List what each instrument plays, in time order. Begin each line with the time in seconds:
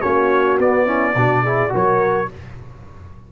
0.00 tuba A#3, trombone C#4, horn F#4, trumpet C#5
0.58 tuba B3, trombone B3, trumpet D5
0.85 trombone C#4, horn E4
1.15 tuba B2, trombone D4, horn F#4
1.43 trombone E4, horn G#4
1.69 tuba F#3, trombone F#4, horn A#4
1.75 trumpet C#5